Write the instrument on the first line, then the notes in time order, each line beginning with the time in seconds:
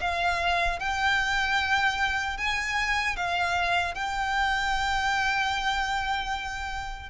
violin
0.00 F5
0.79 G5
2.37 G#5
3.16 F5
3.94 G5